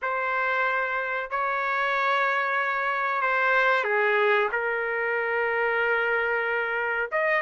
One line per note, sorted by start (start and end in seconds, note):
0.02 1.30 C5
1.30 3.21 C#5
3.21 3.84 C5
3.84 4.48 G#4
4.52 7.10 A#4
7.11 7.42 D#5